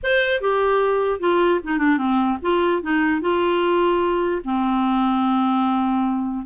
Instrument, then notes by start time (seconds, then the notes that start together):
clarinet
0.03 C5
0.40 G4
1.20 F4
1.63 D#4
1.78 D4
1.97 C4
2.42 F4
2.82 D#4
3.21 F4
4.44 C4